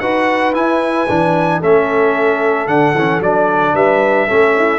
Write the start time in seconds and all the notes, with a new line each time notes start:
0.00 D#4 F#4 B4 F#5
0.54 E4 G#5
1.09 E3 D4
1.60 A3 C#4 A4 E5
2.68 D3 D4 F#5
2.95 E3 C#4
3.20 F#3 D4 D5
3.75 G3 B4 E5
4.28 A3 C#4 A4
4.58 E4